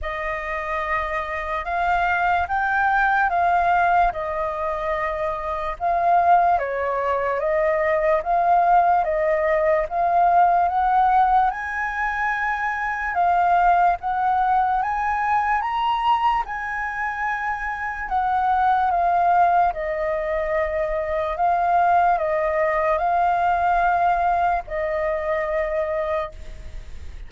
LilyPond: \new Staff \with { instrumentName = "flute" } { \time 4/4 \tempo 4 = 73 dis''2 f''4 g''4 | f''4 dis''2 f''4 | cis''4 dis''4 f''4 dis''4 | f''4 fis''4 gis''2 |
f''4 fis''4 gis''4 ais''4 | gis''2 fis''4 f''4 | dis''2 f''4 dis''4 | f''2 dis''2 | }